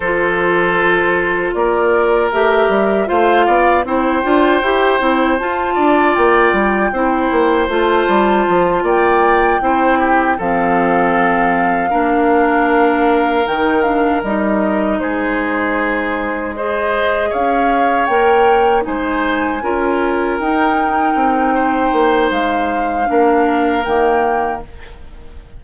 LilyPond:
<<
  \new Staff \with { instrumentName = "flute" } { \time 4/4 \tempo 4 = 78 c''2 d''4 e''4 | f''4 g''2 a''4 | g''2 a''4. g''8~ | g''4. f''2~ f''8~ |
f''4. g''8 f''8 dis''4 c''8~ | c''4. dis''4 f''4 g''8~ | g''8 gis''2 g''4.~ | g''4 f''2 g''4 | }
  \new Staff \with { instrumentName = "oboe" } { \time 4/4 a'2 ais'2 | c''8 d''8 c''2~ c''8 d''8~ | d''4 c''2~ c''8 d''8~ | d''8 c''8 g'8 a'2 ais'8~ |
ais'2.~ ais'8 gis'8~ | gis'4. c''4 cis''4.~ | cis''8 c''4 ais'2~ ais'8 | c''2 ais'2 | }
  \new Staff \with { instrumentName = "clarinet" } { \time 4/4 f'2. g'4 | f'4 e'8 f'8 g'8 e'8 f'4~ | f'4 e'4 f'2~ | f'8 e'4 c'2 d'8~ |
d'4. dis'8 d'8 dis'4.~ | dis'4. gis'2 ais'8~ | ais'8 dis'4 f'4 dis'4.~ | dis'2 d'4 ais4 | }
  \new Staff \with { instrumentName = "bassoon" } { \time 4/4 f2 ais4 a8 g8 | a8 b8 c'8 d'8 e'8 c'8 f'8 d'8 | ais8 g8 c'8 ais8 a8 g8 f8 ais8~ | ais8 c'4 f2 ais8~ |
ais4. dis4 g4 gis8~ | gis2~ gis8 cis'4 ais8~ | ais8 gis4 cis'4 dis'4 c'8~ | c'8 ais8 gis4 ais4 dis4 | }
>>